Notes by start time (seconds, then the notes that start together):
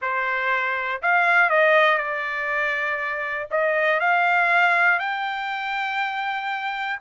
0.01 C5
1.02 F5
1.49 D#5
1.97 D5
3.50 D#5
4.00 F5
4.99 G5